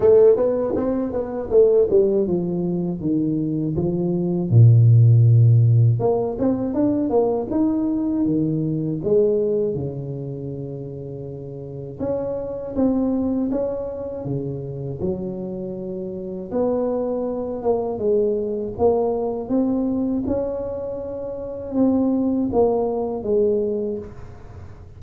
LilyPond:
\new Staff \with { instrumentName = "tuba" } { \time 4/4 \tempo 4 = 80 a8 b8 c'8 b8 a8 g8 f4 | dis4 f4 ais,2 | ais8 c'8 d'8 ais8 dis'4 dis4 | gis4 cis2. |
cis'4 c'4 cis'4 cis4 | fis2 b4. ais8 | gis4 ais4 c'4 cis'4~ | cis'4 c'4 ais4 gis4 | }